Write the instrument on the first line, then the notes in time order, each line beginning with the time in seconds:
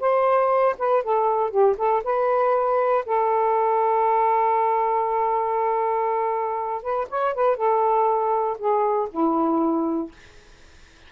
saxophone
0.00 C5
0.78 B4
1.03 A4
1.50 G4
1.78 A4
2.04 B4
3.05 A4
6.82 B4
7.09 C#5
7.34 B4
7.56 A4
8.58 G#4
9.11 E4